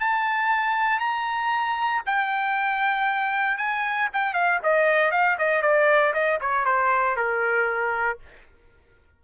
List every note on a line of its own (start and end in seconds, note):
0.00 0.99 A5
0.99 2.02 A#5
2.06 3.58 G5
3.58 4.09 G#5
4.13 4.34 G5
4.34 4.59 F5
4.63 5.11 D#5
5.11 5.37 F5
5.38 5.62 D#5
5.62 6.13 D5
6.14 6.39 D#5
6.41 6.65 C#5
6.65 7.16 C5
7.16 8.19 A#4